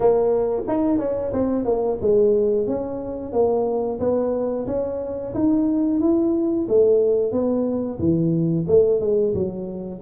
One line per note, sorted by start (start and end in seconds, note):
0.00 0.63 A#3
0.67 0.98 D#4
0.98 1.32 C#4
1.32 1.64 C4
1.64 1.98 A#3
2.01 2.67 G#3
2.67 3.32 C#4
3.32 3.99 A#3
3.99 4.66 B3
4.67 5.33 C#4
5.34 6.00 D#4
6.00 6.67 E4
6.68 7.32 A3
7.32 7.98 B3
7.98 8.65 E3
8.67 9.00 A3
9.00 9.33 G#3
9.34 10.00 F#3